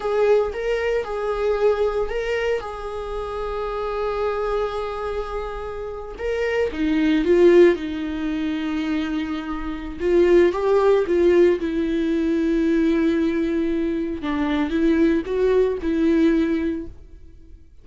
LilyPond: \new Staff \with { instrumentName = "viola" } { \time 4/4 \tempo 4 = 114 gis'4 ais'4 gis'2 | ais'4 gis'2.~ | gis'2.~ gis'8. ais'16~ | ais'8. dis'4 f'4 dis'4~ dis'16~ |
dis'2. f'4 | g'4 f'4 e'2~ | e'2. d'4 | e'4 fis'4 e'2 | }